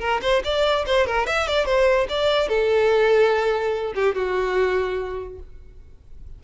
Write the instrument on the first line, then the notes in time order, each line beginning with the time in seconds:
violin
0.00 A#4
0.22 C5
0.44 D5
0.86 C5
1.07 A#4
1.27 E5
1.47 D5
1.66 C5
2.09 D5
2.48 A4
3.95 G4
4.15 F#4